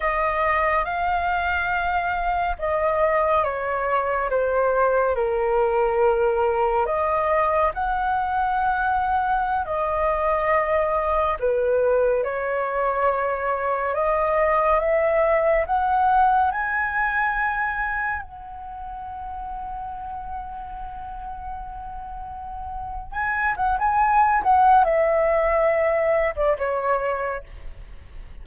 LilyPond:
\new Staff \with { instrumentName = "flute" } { \time 4/4 \tempo 4 = 70 dis''4 f''2 dis''4 | cis''4 c''4 ais'2 | dis''4 fis''2~ fis''16 dis''8.~ | dis''4~ dis''16 b'4 cis''4.~ cis''16~ |
cis''16 dis''4 e''4 fis''4 gis''8.~ | gis''4~ gis''16 fis''2~ fis''8.~ | fis''2. gis''8 fis''16 gis''16~ | gis''8 fis''8 e''4.~ e''16 d''16 cis''4 | }